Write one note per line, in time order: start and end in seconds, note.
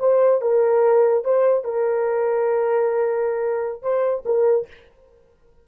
0.00 0.42 C5
0.42 1.25 A#4
1.25 1.65 C5
1.65 3.83 A#4
3.83 4.24 C5
4.26 4.68 A#4